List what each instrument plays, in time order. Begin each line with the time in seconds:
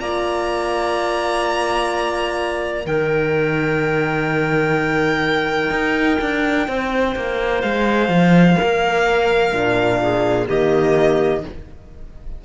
0.00 cello A#3, horn F4, clarinet D5, violin A#5
2.86 cello D#3, horn D#4, clarinet A#4, violin G5
5.71 cello D#4
6.22 cello D4
6.68 cello C4, clarinet C5
7.16 cello A#3
7.62 cello G#3, violin F5
8.09 cello F3
8.57 cello A#3, clarinet A#4
9.52 cello A#2, horn D4
10.02 clarinet G#4
10.47 cello D#3, horn A#3, clarinet G4, violin D#5